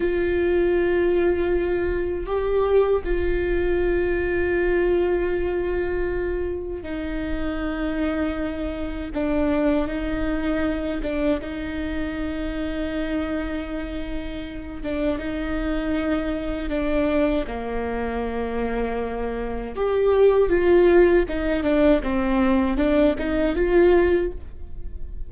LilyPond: \new Staff \with { instrumentName = "viola" } { \time 4/4 \tempo 4 = 79 f'2. g'4 | f'1~ | f'4 dis'2. | d'4 dis'4. d'8 dis'4~ |
dis'2.~ dis'8 d'8 | dis'2 d'4 ais4~ | ais2 g'4 f'4 | dis'8 d'8 c'4 d'8 dis'8 f'4 | }